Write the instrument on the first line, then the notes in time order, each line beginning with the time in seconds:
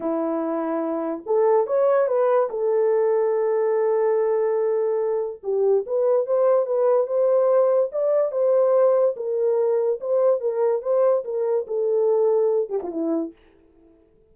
horn
0.00 E4
1.26 A4
1.66 C#5
2.07 B4
2.50 A4
5.43 G4
5.86 B4
6.26 C5
6.66 B4
7.06 C5
7.91 D5
8.31 C5
9.16 A#4
10.00 C5
10.40 A#4
10.82 C5
11.24 A#4
11.67 A4
12.69 G4
12.82 F4
12.91 E4